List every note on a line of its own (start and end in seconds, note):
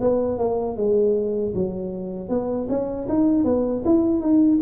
0.00 0.38 B3
0.38 0.76 A#3
0.76 1.53 G#3
1.54 2.28 F#3
2.28 2.67 B3
2.69 3.07 C#4
3.08 3.44 D#4
3.44 3.82 B3
3.85 4.20 E4
4.20 4.58 D#4